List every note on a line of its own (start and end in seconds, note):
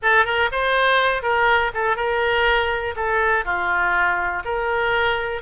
0.02 0.25 A4
0.25 0.49 A#4
0.51 1.22 C5
1.22 1.71 A#4
1.74 1.96 A4
1.96 2.94 A#4
2.96 3.44 A4
3.44 4.43 F4
4.44 5.41 A#4